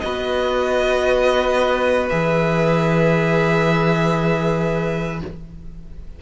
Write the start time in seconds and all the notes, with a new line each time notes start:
0.00 B3 F#4 B4 D#5
2.09 E3 G#4 E5